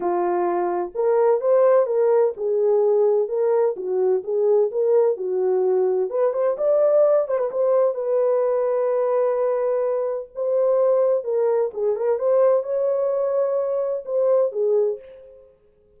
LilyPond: \new Staff \with { instrumentName = "horn" } { \time 4/4 \tempo 4 = 128 f'2 ais'4 c''4 | ais'4 gis'2 ais'4 | fis'4 gis'4 ais'4 fis'4~ | fis'4 b'8 c''8 d''4. c''16 b'16 |
c''4 b'2.~ | b'2 c''2 | ais'4 gis'8 ais'8 c''4 cis''4~ | cis''2 c''4 gis'4 | }